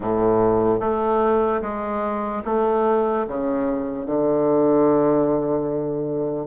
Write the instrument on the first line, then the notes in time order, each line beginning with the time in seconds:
bassoon
0.00 A2
0.80 A3
1.61 G#3
2.44 A3
3.27 C#3
4.05 D3